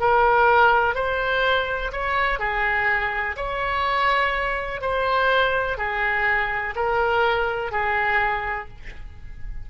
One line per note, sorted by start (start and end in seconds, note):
0.00 0.95 A#4
0.95 1.92 C5
1.92 2.39 C#5
2.39 3.36 G#4
3.37 4.81 C#5
4.81 5.78 C5
5.78 6.74 G#4
6.76 7.72 A#4
7.72 8.68 G#4